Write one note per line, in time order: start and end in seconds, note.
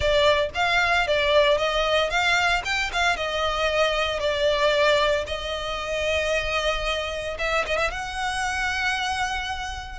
0.00 0.50 D5
0.54 1.07 F5
1.07 1.57 D5
1.57 2.09 D#5
2.09 2.62 F5
2.64 2.91 G5
2.92 3.16 F5
3.16 4.19 D#5
4.19 5.24 D5
5.27 7.37 D#5
7.38 7.65 E5
7.66 7.77 D#5
7.77 7.90 E5
7.90 9.99 F#5